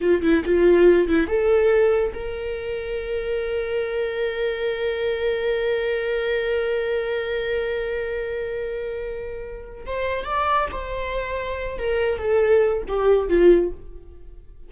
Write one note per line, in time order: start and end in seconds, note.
0.00 0.22 F4
0.22 0.43 E4
0.45 1.08 F4
1.08 1.27 E4
1.27 2.13 A4
2.14 9.85 A#4
9.86 10.24 C5
10.24 10.67 D5
10.71 11.78 C5
11.78 12.18 A#4
12.18 12.82 A4
12.87 13.29 G4
13.29 13.71 F4